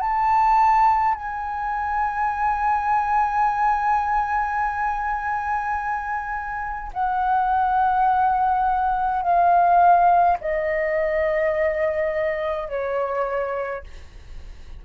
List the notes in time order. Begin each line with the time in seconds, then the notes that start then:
0.00 A5
1.14 G#5
6.93 F#5
9.22 F5
10.41 D#5
12.68 C#5